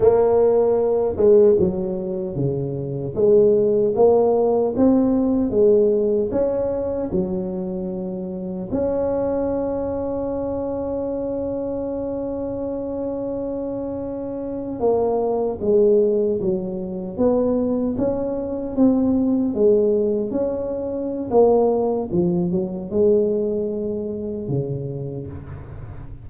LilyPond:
\new Staff \with { instrumentName = "tuba" } { \time 4/4 \tempo 4 = 76 ais4. gis8 fis4 cis4 | gis4 ais4 c'4 gis4 | cis'4 fis2 cis'4~ | cis'1~ |
cis'2~ cis'8. ais4 gis16~ | gis8. fis4 b4 cis'4 c'16~ | c'8. gis4 cis'4~ cis'16 ais4 | f8 fis8 gis2 cis4 | }